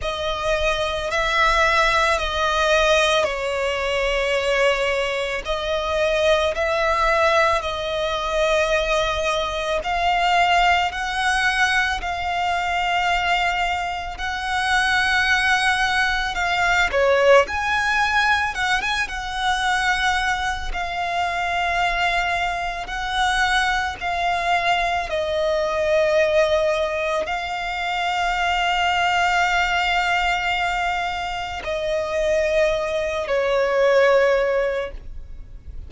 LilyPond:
\new Staff \with { instrumentName = "violin" } { \time 4/4 \tempo 4 = 55 dis''4 e''4 dis''4 cis''4~ | cis''4 dis''4 e''4 dis''4~ | dis''4 f''4 fis''4 f''4~ | f''4 fis''2 f''8 cis''8 |
gis''4 fis''16 gis''16 fis''4. f''4~ | f''4 fis''4 f''4 dis''4~ | dis''4 f''2.~ | f''4 dis''4. cis''4. | }